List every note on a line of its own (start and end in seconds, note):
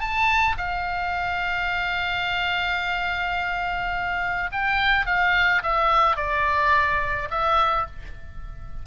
0.00 0.56 A5
0.58 4.50 F5
4.52 5.06 G5
5.06 5.62 F5
5.63 6.16 E5
6.16 7.28 D5
7.30 7.86 E5